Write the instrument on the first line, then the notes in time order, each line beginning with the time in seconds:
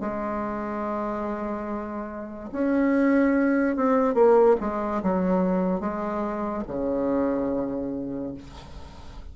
bassoon
0.00 G#3
2.52 C#4
3.76 C4
4.14 A#3
4.60 G#3
5.03 F#3
5.80 G#3
6.67 C#3